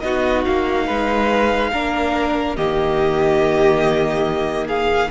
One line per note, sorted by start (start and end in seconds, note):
0.00 0.46 B3
0.00 1.71 D#4
0.00 0.87 F#4
0.00 0.42 D#5
0.45 0.89 A#3
0.45 2.57 F5
0.87 1.73 G#3
0.87 1.71 B4
1.72 2.58 A#3
1.72 2.57 D4
1.72 2.56 A#4
2.56 5.11 D#3
2.56 5.11 A#3
2.56 4.67 G4
2.56 4.68 D#5
4.67 5.10 G#4
4.67 5.11 F5